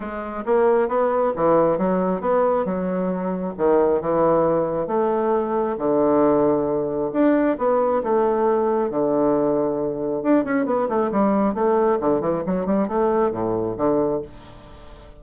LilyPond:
\new Staff \with { instrumentName = "bassoon" } { \time 4/4 \tempo 4 = 135 gis4 ais4 b4 e4 | fis4 b4 fis2 | dis4 e2 a4~ | a4 d2. |
d'4 b4 a2 | d2. d'8 cis'8 | b8 a8 g4 a4 d8 e8 | fis8 g8 a4 a,4 d4 | }